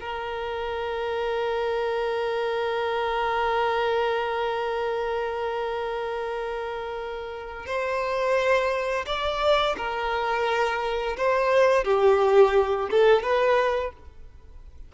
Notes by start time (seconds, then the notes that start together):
0.00 A#4
7.66 C5
9.06 D5
9.77 A#4
11.17 C5
11.84 G4
12.90 A4
13.22 B4